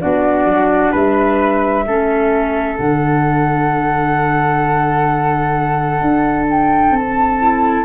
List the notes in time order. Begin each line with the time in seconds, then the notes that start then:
0.00 B3 D4 F#4 D5
0.45 F#3
0.92 G3 B4 E5
1.86 A3 C#4 A4
2.76 D3 D4 F#5
6.01 D4
6.50 G5
6.91 C4 A5
7.39 E4